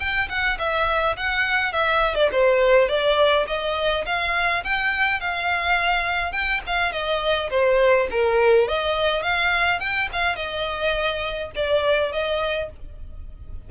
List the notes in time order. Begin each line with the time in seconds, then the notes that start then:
0.00 G5
0.29 F#5
0.59 E5
1.17 F#5
1.73 E5
2.15 D5
2.32 C5
2.89 D5
3.47 D#5
4.06 F5
4.64 G5
5.20 F5
6.33 G5
6.67 F5
6.92 D#5
7.50 C5
8.11 A#4
8.68 D#5
9.23 F5
9.80 G5
10.13 F5
10.36 D#5
11.55 D5
12.12 D#5